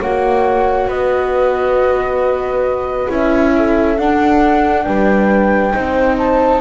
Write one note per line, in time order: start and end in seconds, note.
0.00 0.87 A#3
0.00 3.09 F#4
0.00 0.88 C#5
0.00 0.89 F#5
0.87 3.08 B3
0.87 3.53 B4
0.87 3.10 D#5
3.09 3.98 C#4
3.09 3.97 E4
3.09 3.99 E5
3.56 4.85 A4
3.98 4.86 D4
3.98 5.74 D4
3.98 4.84 F#5
4.84 5.74 G3
4.84 5.73 B4
4.84 6.16 G5
5.74 6.61 C4
5.74 6.61 D#4
5.74 6.61 C5
6.18 6.61 A5